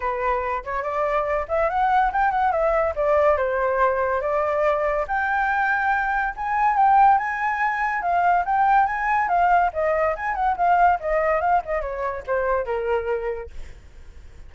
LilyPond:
\new Staff \with { instrumentName = "flute" } { \time 4/4 \tempo 4 = 142 b'4. cis''8 d''4. e''8 | fis''4 g''8 fis''8 e''4 d''4 | c''2 d''2 | g''2. gis''4 |
g''4 gis''2 f''4 | g''4 gis''4 f''4 dis''4 | gis''8 fis''8 f''4 dis''4 f''8 dis''8 | cis''4 c''4 ais'2 | }